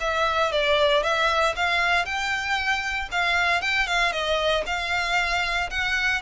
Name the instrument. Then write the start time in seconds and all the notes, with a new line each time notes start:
violin
0.00 E5
0.51 D5
1.03 E5
1.56 F5
2.05 G5
3.11 F5
3.61 G5
3.87 F5
4.12 D#5
4.66 F5
5.70 F#5